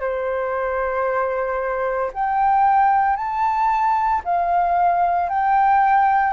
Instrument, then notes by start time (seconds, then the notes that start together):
flute
0.00 C5
2.13 G5
3.16 A5
4.24 F5
5.29 G5